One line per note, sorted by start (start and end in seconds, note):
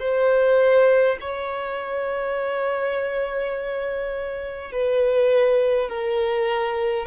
0.00 1.18 C5
1.21 4.72 C#5
4.72 5.90 B4
5.90 7.07 A#4